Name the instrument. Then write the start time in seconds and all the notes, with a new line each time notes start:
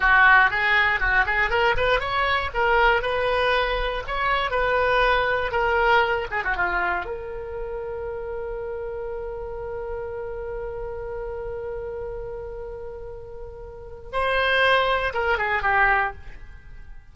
oboe
0.00 F#4
0.50 G#4
0.99 F#4
1.26 G#4
1.50 A#4
1.76 B4
1.99 C#5
2.53 A#4
3.02 B4
4.07 C#5
4.51 B4
5.51 A#4
6.30 G#4
6.44 F#4
6.56 F4
7.05 A#4
14.12 C5
15.13 A#4
15.38 G#4
15.62 G4